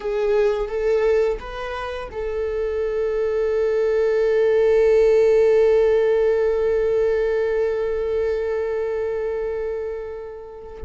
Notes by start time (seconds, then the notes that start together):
0.00 G#4
0.68 A4
1.39 B4
2.11 A4